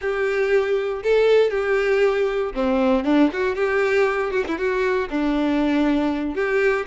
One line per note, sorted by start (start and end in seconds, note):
0.01 1.02 G4
1.03 1.50 A4
1.50 2.52 G4
2.54 3.04 C4
3.04 3.29 D4
3.32 3.55 F#4
3.55 4.31 G4
4.31 4.44 F#4
4.47 4.58 E4
4.58 5.08 F#4
5.10 6.35 D4
6.35 6.86 G4